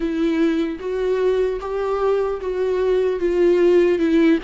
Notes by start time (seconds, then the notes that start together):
0.00 E4
0.79 F#4
1.60 G4
2.40 F#4
3.19 F4
3.98 E4